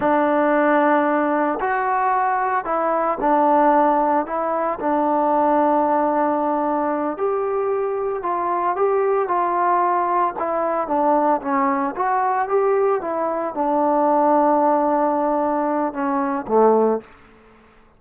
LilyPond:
\new Staff \with { instrumentName = "trombone" } { \time 4/4 \tempo 4 = 113 d'2. fis'4~ | fis'4 e'4 d'2 | e'4 d'2.~ | d'4. g'2 f'8~ |
f'8 g'4 f'2 e'8~ | e'8 d'4 cis'4 fis'4 g'8~ | g'8 e'4 d'2~ d'8~ | d'2 cis'4 a4 | }